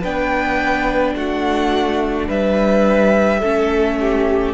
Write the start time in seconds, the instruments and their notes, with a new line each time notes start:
0.00 cello B3, viola D4, violin B4 G5
1.15 cello A3, violin F#4 F#5
2.28 cello G3, violin B4 E5
3.40 cello A3, viola C#4, violin A4
4.00 violin G4